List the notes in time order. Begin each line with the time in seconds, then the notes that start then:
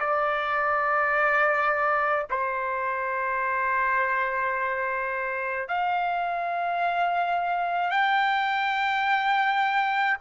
0.00 D5
2.31 C5
5.68 F5
7.90 G5